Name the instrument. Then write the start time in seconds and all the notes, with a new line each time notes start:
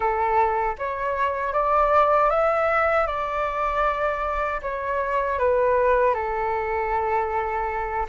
flute
0.00 A4
0.78 C#5
1.53 D5
2.29 E5
3.07 D5
4.62 C#5
5.38 B4
6.14 A4